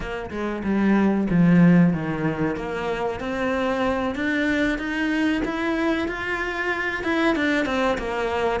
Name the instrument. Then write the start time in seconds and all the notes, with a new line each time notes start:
cello
0.00 A#3
0.30 G#3
0.64 G3
1.29 F3
1.93 D#3
2.56 A#3
3.20 C4
4.15 D4
4.78 D#4
5.44 E4
6.08 F4
7.03 E4
7.35 D4
7.65 C4
7.98 A#3